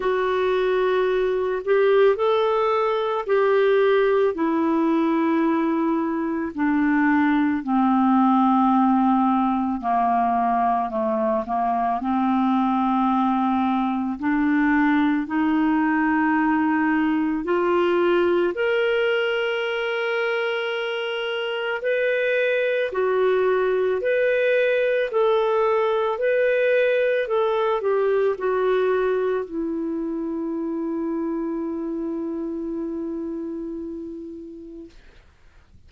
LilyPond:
\new Staff \with { instrumentName = "clarinet" } { \time 4/4 \tempo 4 = 55 fis'4. g'8 a'4 g'4 | e'2 d'4 c'4~ | c'4 ais4 a8 ais8 c'4~ | c'4 d'4 dis'2 |
f'4 ais'2. | b'4 fis'4 b'4 a'4 | b'4 a'8 g'8 fis'4 e'4~ | e'1 | }